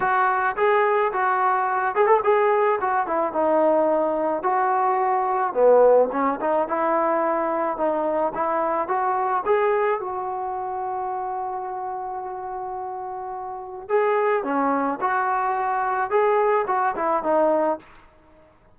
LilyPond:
\new Staff \with { instrumentName = "trombone" } { \time 4/4 \tempo 4 = 108 fis'4 gis'4 fis'4. gis'16 a'16 | gis'4 fis'8 e'8 dis'2 | fis'2 b4 cis'8 dis'8 | e'2 dis'4 e'4 |
fis'4 gis'4 fis'2~ | fis'1~ | fis'4 gis'4 cis'4 fis'4~ | fis'4 gis'4 fis'8 e'8 dis'4 | }